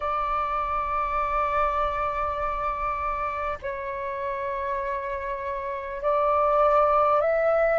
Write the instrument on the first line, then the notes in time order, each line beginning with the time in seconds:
flute
0.00 D5
3.62 C#5
6.02 D5
7.21 E5